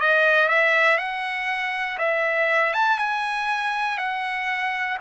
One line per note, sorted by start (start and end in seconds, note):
0.00 0.49 D#5
0.49 0.98 E5
0.98 1.98 F#5
1.98 2.73 E5
2.73 2.98 A5
2.98 3.98 G#5
3.98 4.98 F#5